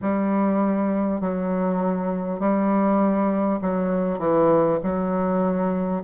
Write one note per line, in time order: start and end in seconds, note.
0.01 1.21 G3
1.21 2.39 F#3
2.39 3.59 G3
3.61 4.18 F#3
4.18 4.78 E3
4.83 6.03 F#3